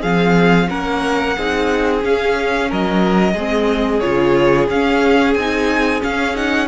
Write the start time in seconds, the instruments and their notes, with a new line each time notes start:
0.00 cello F3, viola C4, violin G#4 F5
0.69 cello A#3, viola C#4, violin A#4 F#5
1.37 cello C4, viola D#4, violin G#4
2.01 viola C#4, cello C#4, violin F5
2.69 cello F#3, violin A#4 D#5
3.33 cello G#3, viola C4, violin G#4
4.00 cello C#3, viola F4, violin C#5
4.69 cello C#4, viola C#4, violin F5
5.34 cello C4, viola D#4, violin G#5
6.00 viola C#4, cello C#4, violin F5
6.35 viola D#4, violin F#5